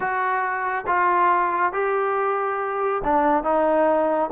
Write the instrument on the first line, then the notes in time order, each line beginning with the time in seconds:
trombone
0.00 F#4
0.86 F4
1.72 G4
3.04 D4
3.43 D#4